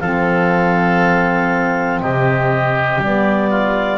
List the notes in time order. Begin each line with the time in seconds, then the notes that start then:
0.00 F3 C4 A4 F5
2.01 C3 G4 D#5
2.98 G3 B3 D5
3.50 F4